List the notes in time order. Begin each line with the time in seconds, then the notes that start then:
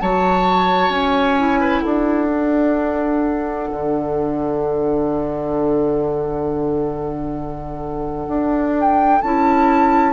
0.00 F#3 F#4 C#5 A5
0.89 C#4 G#5
1.39 E4
1.61 B4
1.81 D4 A4 F#5
2.28 D4
3.72 D3
8.28 D4
8.81 G5
9.22 C#4 E4 A5